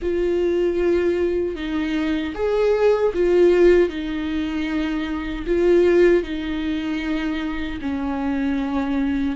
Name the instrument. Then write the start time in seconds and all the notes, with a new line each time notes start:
viola
0.02 F4
1.55 D#4
2.34 G#4
3.14 F4
3.89 D#4
5.46 F4
6.23 D#4
7.81 C#4